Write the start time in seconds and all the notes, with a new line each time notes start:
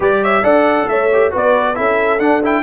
0.00 G3 G4 B4 D5
0.22 C#5 E5
0.43 D4 A4 D5 F#5
0.87 A3 C#5 E5
1.12 G4
1.31 B3 F#4 B4 D5
1.75 C#4 E4 A4 E5
2.19 D4 F#5
2.43 E4 G5